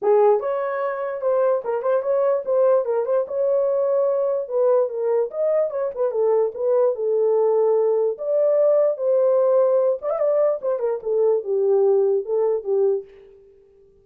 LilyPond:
\new Staff \with { instrumentName = "horn" } { \time 4/4 \tempo 4 = 147 gis'4 cis''2 c''4 | ais'8 c''8 cis''4 c''4 ais'8 c''8 | cis''2. b'4 | ais'4 dis''4 cis''8 b'8 a'4 |
b'4 a'2. | d''2 c''2~ | c''8 d''16 e''16 d''4 c''8 ais'8 a'4 | g'2 a'4 g'4 | }